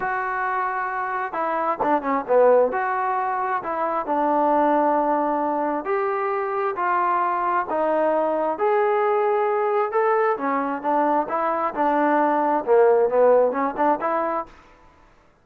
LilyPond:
\new Staff \with { instrumentName = "trombone" } { \time 4/4 \tempo 4 = 133 fis'2. e'4 | d'8 cis'8 b4 fis'2 | e'4 d'2.~ | d'4 g'2 f'4~ |
f'4 dis'2 gis'4~ | gis'2 a'4 cis'4 | d'4 e'4 d'2 | ais4 b4 cis'8 d'8 e'4 | }